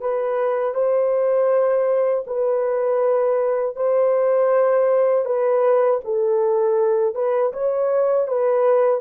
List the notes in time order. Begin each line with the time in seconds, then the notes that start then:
0.00 B4
0.74 C5
2.27 B4
3.76 C5
5.25 B4
6.04 A4
7.15 B4
7.53 C#5
8.27 B4